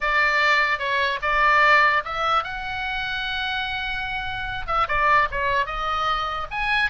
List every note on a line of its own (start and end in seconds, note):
0.01 0.78 D5
0.78 1.19 C#5
1.22 2.03 D5
2.04 2.43 E5
2.43 4.66 F#5
4.66 4.87 E5
4.87 5.28 D5
5.31 5.66 C#5
5.66 6.47 D#5
6.50 6.90 G#5